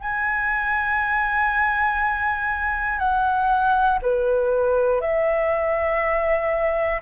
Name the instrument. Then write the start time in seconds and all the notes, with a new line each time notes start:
flute
0.00 G#5
2.98 F#5
4.01 B4
5.00 E5